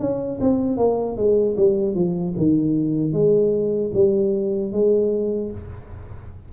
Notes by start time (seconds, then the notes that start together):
0.00 C#4
0.41 C4
0.77 A#3
1.17 G#3
1.57 G3
1.94 F3
2.37 D#3
3.13 G#3
3.94 G3
4.73 G#3